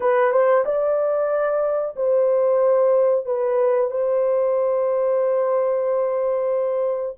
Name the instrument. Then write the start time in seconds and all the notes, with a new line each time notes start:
horn
0.00 B4
0.31 C5
0.65 D5
1.96 C5
3.25 B4
3.90 C5